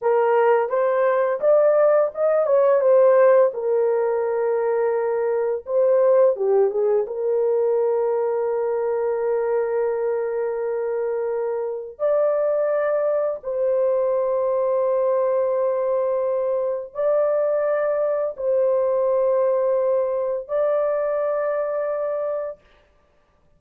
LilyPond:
\new Staff \with { instrumentName = "horn" } { \time 4/4 \tempo 4 = 85 ais'4 c''4 d''4 dis''8 cis''8 | c''4 ais'2. | c''4 g'8 gis'8 ais'2~ | ais'1~ |
ais'4 d''2 c''4~ | c''1 | d''2 c''2~ | c''4 d''2. | }